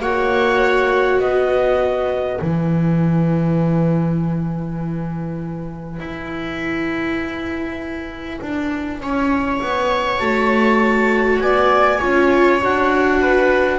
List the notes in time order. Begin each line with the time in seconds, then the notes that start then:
0.00 A#3 F#4 C#5 F#5
1.20 B3 B4 D#5
2.38 E3 E4 G#5
6.00 E4
8.42 D4
9.01 C#4 C#5
9.62 B3
10.19 A3 F#4 A5
11.40 B3 D5 G#5
11.98 C#4 F4 C#5
12.62 D4 F#4 F#5
13.21 B4